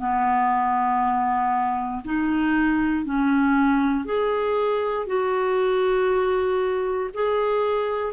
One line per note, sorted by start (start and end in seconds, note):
0.00 2.03 B3
2.05 3.06 D#4
3.06 4.05 C#4
4.05 5.07 G#4
5.07 7.10 F#4
7.14 8.14 G#4